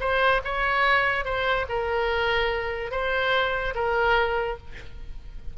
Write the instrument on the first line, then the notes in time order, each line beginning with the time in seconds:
oboe
0.00 C5
0.44 C#5
1.25 C5
1.69 A#4
2.91 C5
3.75 A#4